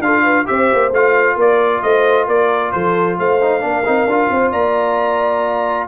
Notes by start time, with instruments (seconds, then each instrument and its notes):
0.00 tuba D4, trombone F4, horn A4, trumpet F5
0.23 horn B4
0.46 tuba C4, trombone G4, horn C5, trumpet E5
0.74 tuba A#3
0.92 tuba A3, trombone F4, trumpet F5
1.36 tuba A#3, horn A#4, trumpet D5
1.83 tuba A3, horn C5, trumpet D#5
2.28 tuba A#3, horn A#4, trumpet D5
2.72 tuba F3, horn A4, trumpet C5
3.19 tuba A3, horn C5, trumpet F5
3.41 trombone D#4
3.61 tuba A#3, trombone D4, horn A#4
3.85 tuba C4, trombone D#4
4.07 tuba D4, trombone F4
4.31 tuba C4, horn C5
4.52 tuba A#3, horn D5, trumpet A#5